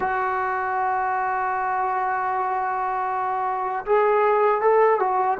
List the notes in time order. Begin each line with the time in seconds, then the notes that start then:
0.00 F#4
3.85 G#4
4.61 A4
4.99 F#4